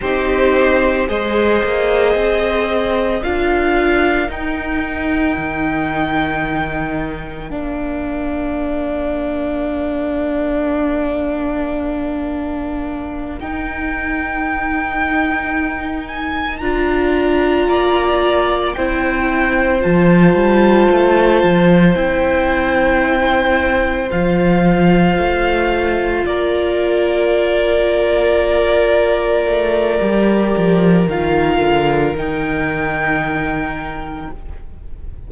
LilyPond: <<
  \new Staff \with { instrumentName = "violin" } { \time 4/4 \tempo 4 = 56 c''4 dis''2 f''4 | g''2. f''4~ | f''1~ | f''8 g''2~ g''8 gis''8 ais''8~ |
ais''4. g''4 a''4.~ | a''8 g''2 f''4.~ | f''8 d''2.~ d''8~ | d''4 f''4 g''2 | }
  \new Staff \with { instrumentName = "violin" } { \time 4/4 g'4 c''2 ais'4~ | ais'1~ | ais'1~ | ais'1~ |
ais'8 d''4 c''2~ c''8~ | c''1~ | c''8 ais'2.~ ais'8~ | ais'1 | }
  \new Staff \with { instrumentName = "viola" } { \time 4/4 dis'4 gis'2 f'4 | dis'2. d'4~ | d'1~ | d'8 dis'2. f'8~ |
f'4. e'4 f'4.~ | f'8 e'2 f'4.~ | f'1 | g'4 f'4 dis'2 | }
  \new Staff \with { instrumentName = "cello" } { \time 4/4 c'4 gis8 ais8 c'4 d'4 | dis'4 dis2 ais4~ | ais1~ | ais8 dis'2. d'8~ |
d'8 ais4 c'4 f8 g8 a8 | f8 c'2 f4 a8~ | a8 ais2. a8 | g8 f8 dis8 d8 dis2 | }
>>